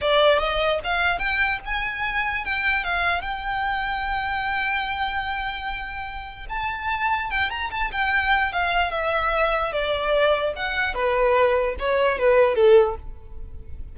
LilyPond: \new Staff \with { instrumentName = "violin" } { \time 4/4 \tempo 4 = 148 d''4 dis''4 f''4 g''4 | gis''2 g''4 f''4 | g''1~ | g''1 |
a''2 g''8 ais''8 a''8 g''8~ | g''4 f''4 e''2 | d''2 fis''4 b'4~ | b'4 cis''4 b'4 a'4 | }